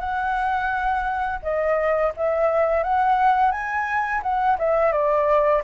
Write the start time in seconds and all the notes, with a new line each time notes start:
0.00 F#5
1.43 D#5
2.17 E5
2.83 F#5
3.51 G#5
4.23 F#5
4.59 E5
4.92 D5